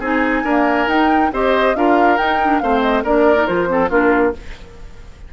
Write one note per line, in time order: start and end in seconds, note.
0.00 0.43 C4
0.00 0.45 D#4
0.00 0.43 G#4
0.00 0.89 G#5
0.44 0.89 A#3
0.44 0.87 D4
0.44 1.30 A#4
0.87 1.30 D#4
0.87 1.32 D#4
0.87 1.32 G5
1.33 1.76 C4
1.33 1.76 G4
1.33 1.76 C5
1.33 1.76 D#5
1.76 2.18 D4
1.76 2.18 F4
1.76 2.63 A#4
1.76 2.17 F5
2.17 2.40 D#4
2.17 2.62 D#4
2.17 2.59 G5
2.42 2.62 D4
2.59 3.03 A3
2.59 3.05 C4
2.59 3.04 C5
2.59 2.81 F5
2.81 3.03 D#5
3.03 3.47 A#3
3.03 3.36 D4
3.03 3.68 A#4
3.03 3.47 D5
3.36 3.47 D#4
3.47 3.90 F3
3.47 3.67 F4
3.47 3.90 C5
3.67 3.88 C4
3.67 3.90 A4
3.90 4.33 A#3
3.90 4.33 D4
3.90 4.33 F4
3.90 4.33 A#4